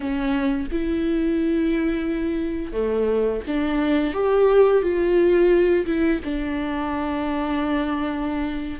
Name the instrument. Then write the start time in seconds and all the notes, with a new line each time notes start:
viola
0.00 C#4
0.71 E4
2.72 A3
3.47 D4
4.13 G4
4.82 F4
5.86 E4
6.24 D4